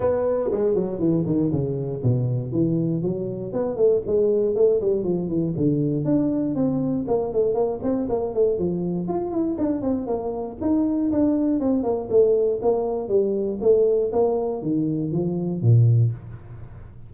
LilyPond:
\new Staff \with { instrumentName = "tuba" } { \time 4/4 \tempo 4 = 119 b4 gis8 fis8 e8 dis8 cis4 | b,4 e4 fis4 b8 a8 | gis4 a8 g8 f8 e8 d4 | d'4 c'4 ais8 a8 ais8 c'8 |
ais8 a8 f4 f'8 e'8 d'8 c'8 | ais4 dis'4 d'4 c'8 ais8 | a4 ais4 g4 a4 | ais4 dis4 f4 ais,4 | }